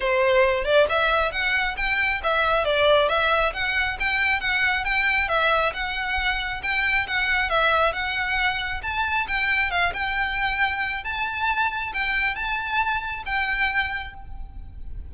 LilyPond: \new Staff \with { instrumentName = "violin" } { \time 4/4 \tempo 4 = 136 c''4. d''8 e''4 fis''4 | g''4 e''4 d''4 e''4 | fis''4 g''4 fis''4 g''4 | e''4 fis''2 g''4 |
fis''4 e''4 fis''2 | a''4 g''4 f''8 g''4.~ | g''4 a''2 g''4 | a''2 g''2 | }